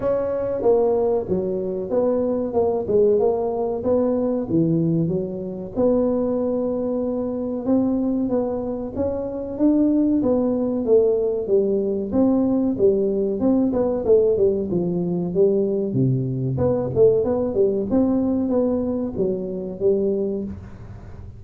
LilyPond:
\new Staff \with { instrumentName = "tuba" } { \time 4/4 \tempo 4 = 94 cis'4 ais4 fis4 b4 | ais8 gis8 ais4 b4 e4 | fis4 b2. | c'4 b4 cis'4 d'4 |
b4 a4 g4 c'4 | g4 c'8 b8 a8 g8 f4 | g4 c4 b8 a8 b8 g8 | c'4 b4 fis4 g4 | }